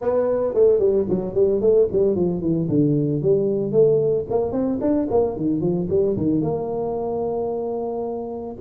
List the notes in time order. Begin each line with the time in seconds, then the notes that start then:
0.01 B3
0.54 A3
0.79 G3
1.09 F#3
1.34 G3
1.60 A3
1.92 G3
2.15 F3
2.41 E3
2.69 D3
3.22 G3
3.71 A3
4.30 A#3
4.52 C4
4.80 D4
5.10 A#3
5.36 D#3
5.60 F3
5.89 G3
6.16 D#3
6.41 A#3